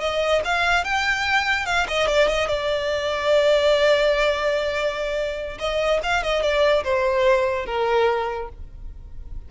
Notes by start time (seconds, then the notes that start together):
0.00 D#5
0.44 F5
0.84 G5
1.66 F5
1.88 D#5
2.07 D5
2.28 D#5
2.47 D5
5.59 D#5
6.03 F5
6.23 D#5
6.42 D5
6.83 C5
7.65 A#4